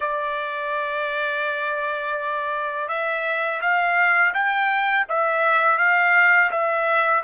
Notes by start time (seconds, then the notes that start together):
0.00 D5
2.88 E5
3.61 F5
4.33 G5
5.08 E5
5.78 F5
6.51 E5